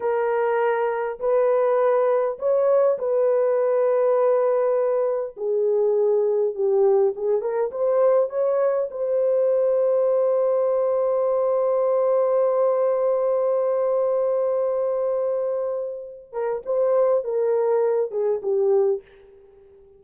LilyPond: \new Staff \with { instrumentName = "horn" } { \time 4/4 \tempo 4 = 101 ais'2 b'2 | cis''4 b'2.~ | b'4 gis'2 g'4 | gis'8 ais'8 c''4 cis''4 c''4~ |
c''1~ | c''1~ | c''2.~ c''8 ais'8 | c''4 ais'4. gis'8 g'4 | }